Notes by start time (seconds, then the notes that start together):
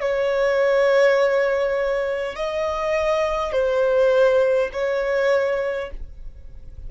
0.00 C#5
2.35 D#5
3.52 C5
4.72 C#5